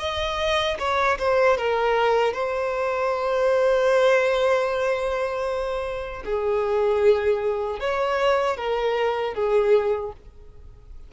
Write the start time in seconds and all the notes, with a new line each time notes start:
0.00 D#5
0.79 C#5
1.19 C5
1.58 A#4
2.34 C5
6.26 G#4
7.80 C#5
8.57 A#4
9.35 G#4